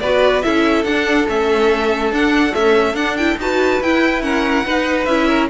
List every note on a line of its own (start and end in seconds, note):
0.00 0.43 B3
0.00 0.43 F#4
0.00 0.45 B4
0.00 0.42 D5
0.42 0.84 C#4
0.42 0.85 E4
0.42 3.40 A4
0.42 0.84 E5
0.84 1.27 D4
0.84 1.27 F#5
1.27 2.11 A3
1.27 2.12 C#4
1.27 2.14 E5
2.11 2.54 D4
2.11 2.51 D4
2.11 2.55 F#5
2.51 2.93 A3
2.51 2.94 C#4
2.51 2.96 E5
2.94 3.36 D4
2.94 3.18 D4
2.94 3.17 F#5
3.17 3.40 E4
3.17 3.38 G5
3.38 3.80 D#4
3.38 3.82 F#4
3.38 4.24 B4
3.38 3.83 A5
3.81 4.65 E4
3.81 4.21 E4
3.81 4.22 G5
4.21 4.63 C#4
4.21 4.66 A#4
4.21 5.05 F#5
4.66 5.08 D#4
4.66 5.07 D#4
4.66 5.28 B4
5.05 5.49 C#4
5.05 5.50 E4
5.05 5.47 E5
5.28 5.49 A#4